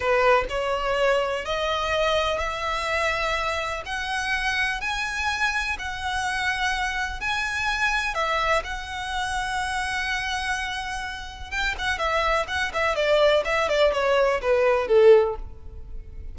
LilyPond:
\new Staff \with { instrumentName = "violin" } { \time 4/4 \tempo 4 = 125 b'4 cis''2 dis''4~ | dis''4 e''2. | fis''2 gis''2 | fis''2. gis''4~ |
gis''4 e''4 fis''2~ | fis''1 | g''8 fis''8 e''4 fis''8 e''8 d''4 | e''8 d''8 cis''4 b'4 a'4 | }